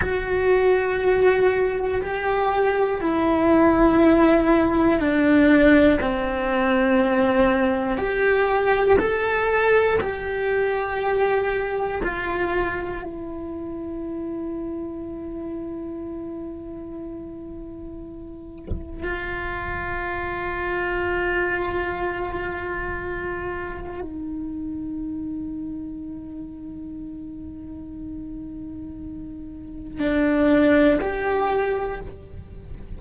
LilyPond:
\new Staff \with { instrumentName = "cello" } { \time 4/4 \tempo 4 = 60 fis'2 g'4 e'4~ | e'4 d'4 c'2 | g'4 a'4 g'2 | f'4 e'2.~ |
e'2. f'4~ | f'1 | dis'1~ | dis'2 d'4 g'4 | }